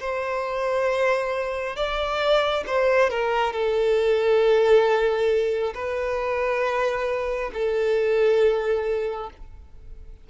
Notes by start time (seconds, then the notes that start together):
0.00 C5
1.76 D5
2.67 C5
3.10 A#4
3.53 A4
5.75 B4
7.54 A4